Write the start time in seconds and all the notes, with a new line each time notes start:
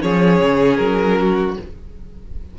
0.00 F3 C#4 G#4 C#5
0.40 C#3
0.76 F#3 A#4
1.19 F#4